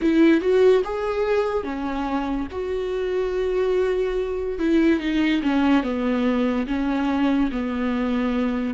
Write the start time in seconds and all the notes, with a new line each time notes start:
0.01 E4
0.40 F#4
0.84 G#4
1.63 C#4
2.51 F#4
4.58 E4
5.00 D#4
5.42 C#4
5.83 B3
6.67 C#4
7.51 B3